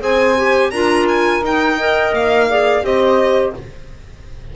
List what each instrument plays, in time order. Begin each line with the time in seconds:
0.00 double bass C4, clarinet G#4, saxophone C5, violin G#5
0.37 clarinet G4
0.71 double bass D4, clarinet F4, saxophone A#4, violin A#5
1.08 violin G#5
1.41 double bass D#4, clarinet D#4, violin G5
1.76 clarinet A#4, saxophone D#5
2.13 double bass A#3, violin F5
2.48 clarinet G#4, saxophone D5
2.82 double bass C4, clarinet G4, saxophone C5, violin D#5